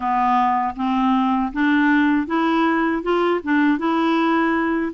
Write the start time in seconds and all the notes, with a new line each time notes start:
0.00 B3
0.76 C4
1.52 D4
2.26 E4
3.02 F4
3.43 D4
3.78 E4